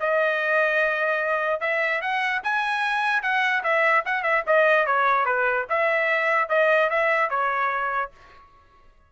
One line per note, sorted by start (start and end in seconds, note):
0.00 1.61 D#5
1.61 2.02 E5
2.02 2.42 F#5
2.44 3.23 G#5
3.23 3.63 F#5
3.64 4.04 E5
4.06 4.23 F#5
4.23 4.44 E5
4.47 4.87 D#5
4.87 5.26 C#5
5.26 5.66 B4
5.70 6.49 E5
6.49 6.90 D#5
6.90 7.30 E5
7.30 8.11 C#5